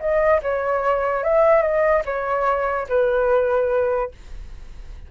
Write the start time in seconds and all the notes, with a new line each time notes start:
0.00 D#5
0.43 C#5
1.24 E5
1.63 D#5
2.06 C#5
2.89 B4